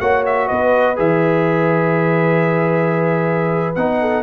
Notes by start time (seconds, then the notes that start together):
0.00 A#3 F#4 C#5 F#5
0.26 E5
0.48 B3 B4 D#5
0.96 E3 G#4 E5
3.75 B3 D#4 F#5
4.01 A4